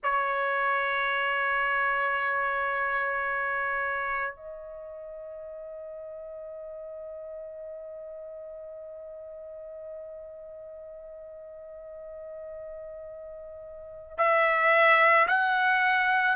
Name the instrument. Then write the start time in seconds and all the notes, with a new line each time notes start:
trumpet
0.03 C#5
4.36 D#5
14.17 E5
15.27 F#5